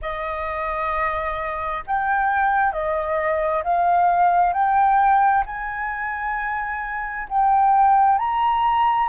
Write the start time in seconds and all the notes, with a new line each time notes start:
0.01 D#5
1.86 G5
2.72 D#5
3.63 F5
4.53 G5
5.45 G#5
7.29 G5
8.18 A#5